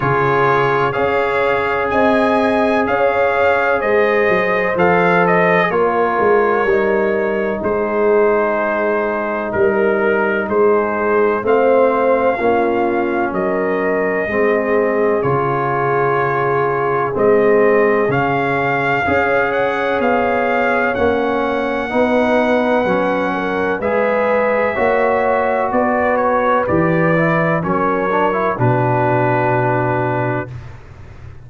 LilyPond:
<<
  \new Staff \with { instrumentName = "trumpet" } { \time 4/4 \tempo 4 = 63 cis''4 f''4 gis''4 f''4 | dis''4 f''8 dis''8 cis''2 | c''2 ais'4 c''4 | f''2 dis''2 |
cis''2 dis''4 f''4~ | f''8 fis''8 f''4 fis''2~ | fis''4 e''2 d''8 cis''8 | d''4 cis''4 b'2 | }
  \new Staff \with { instrumentName = "horn" } { \time 4/4 gis'4 cis''4 dis''4 cis''4 | c''2 ais'2 | gis'2 ais'4 gis'4 | c''4 f'4 ais'4 gis'4~ |
gis'1 | cis''2. b'4~ | b'8 ais'8 b'4 cis''4 b'4~ | b'4 ais'4 fis'2 | }
  \new Staff \with { instrumentName = "trombone" } { \time 4/4 f'4 gis'2.~ | gis'4 a'4 f'4 dis'4~ | dis'1 | c'4 cis'2 c'4 |
f'2 c'4 cis'4 | gis'2 cis'4 dis'4 | cis'4 gis'4 fis'2 | g'8 e'8 cis'8 d'16 e'16 d'2 | }
  \new Staff \with { instrumentName = "tuba" } { \time 4/4 cis4 cis'4 c'4 cis'4 | gis8 fis8 f4 ais8 gis8 g4 | gis2 g4 gis4 | a4 ais4 fis4 gis4 |
cis2 gis4 cis4 | cis'4 b4 ais4 b4 | fis4 gis4 ais4 b4 | e4 fis4 b,2 | }
>>